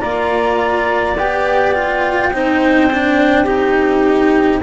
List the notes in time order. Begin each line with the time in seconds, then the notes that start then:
0.00 A#3 F4 D5 A#5
1.15 B3 G4 G5
1.74 F4
2.30 C4 D#4 C5
2.92 D4
3.44 D#4 G4